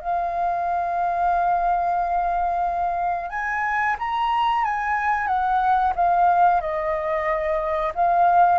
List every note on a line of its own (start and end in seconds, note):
0.00 3.29 F5
3.29 3.95 G#5
3.99 4.64 A#5
4.64 5.27 G#5
5.27 5.93 F#5
5.95 6.61 F5
6.61 7.92 D#5
7.94 8.58 F5